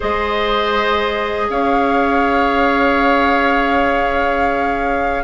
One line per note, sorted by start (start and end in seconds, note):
0.00 1.49 G#3
0.00 5.24 G#4
0.00 1.47 C5
0.00 1.50 D#5
1.49 5.24 C#4
1.49 5.24 C#5
1.49 5.24 F5